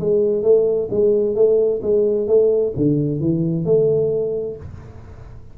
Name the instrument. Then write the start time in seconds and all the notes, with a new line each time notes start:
tuba
0.00 G#3
0.43 A3
0.91 G#3
1.36 A3
1.82 G#3
2.28 A3
2.76 D3
3.21 E3
3.65 A3